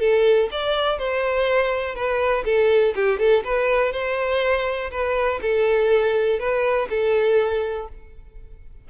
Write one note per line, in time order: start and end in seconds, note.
0.00 0.49 A4
0.52 0.99 D5
0.99 1.96 C5
1.96 2.45 B4
2.45 2.95 A4
2.96 3.19 G4
3.19 3.44 A4
3.45 3.93 B4
3.93 4.91 C5
4.91 5.41 B4
5.42 6.40 A4
6.40 6.89 B4
6.90 7.89 A4